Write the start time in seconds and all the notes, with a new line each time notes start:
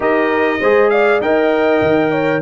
0.00 D#4 G4 A#4 D#5
0.59 G#3 G#4 C5
0.89 D5 F5
1.20 D#4 A#4 D#5 G5
1.82 D#3
2.11 C#5